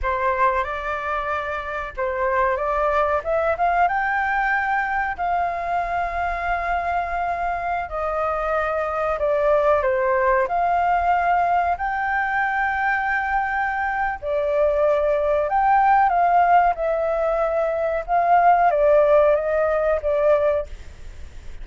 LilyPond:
\new Staff \with { instrumentName = "flute" } { \time 4/4 \tempo 4 = 93 c''4 d''2 c''4 | d''4 e''8 f''8 g''2 | f''1~ | f''16 dis''2 d''4 c''8.~ |
c''16 f''2 g''4.~ g''16~ | g''2 d''2 | g''4 f''4 e''2 | f''4 d''4 dis''4 d''4 | }